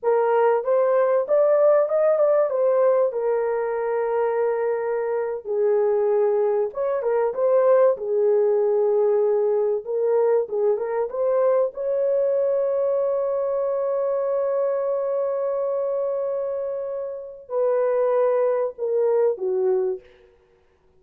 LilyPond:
\new Staff \with { instrumentName = "horn" } { \time 4/4 \tempo 4 = 96 ais'4 c''4 d''4 dis''8 d''8 | c''4 ais'2.~ | ais'8. gis'2 cis''8 ais'8 c''16~ | c''8. gis'2. ais'16~ |
ais'8. gis'8 ais'8 c''4 cis''4~ cis''16~ | cis''1~ | cis''1 | b'2 ais'4 fis'4 | }